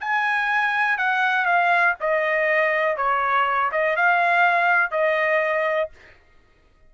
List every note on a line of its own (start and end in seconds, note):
0.00 0.98 G#5
0.98 1.45 F#5
1.45 1.95 F5
2.00 2.96 D#5
2.96 3.71 C#5
3.72 3.96 D#5
3.96 4.91 F5
4.91 5.90 D#5